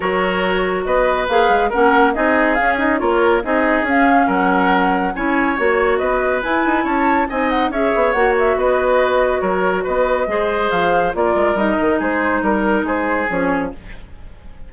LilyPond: <<
  \new Staff \with { instrumentName = "flute" } { \time 4/4 \tempo 4 = 140 cis''2 dis''4 f''4 | fis''4 dis''4 f''8 dis''8 cis''4 | dis''4 f''4 fis''2 | gis''4 cis''4 dis''4 gis''4 |
a''4 gis''8 fis''8 e''4 fis''8 e''8 | dis''2 cis''4 dis''4~ | dis''4 f''4 d''4 dis''4 | c''4 ais'4 c''4 cis''4 | }
  \new Staff \with { instrumentName = "oboe" } { \time 4/4 ais'2 b'2 | ais'4 gis'2 ais'4 | gis'2 ais'2 | cis''2 b'2 |
cis''4 dis''4 cis''2 | b'2 ais'4 b'4 | c''2 ais'2 | gis'4 ais'4 gis'2 | }
  \new Staff \with { instrumentName = "clarinet" } { \time 4/4 fis'2. gis'4 | cis'4 dis'4 cis'8 dis'8 f'4 | dis'4 cis'2. | e'4 fis'2 e'4~ |
e'4 dis'4 gis'4 fis'4~ | fis'1 | gis'2 f'4 dis'4~ | dis'2. cis'4 | }
  \new Staff \with { instrumentName = "bassoon" } { \time 4/4 fis2 b4 ais8 gis8 | ais4 c'4 cis'4 ais4 | c'4 cis'4 fis2 | cis'4 ais4 b4 e'8 dis'8 |
cis'4 c'4 cis'8 b8 ais4 | b2 fis4 b4 | gis4 f4 ais8 gis8 g8 dis8 | gis4 g4 gis4 f4 | }
>>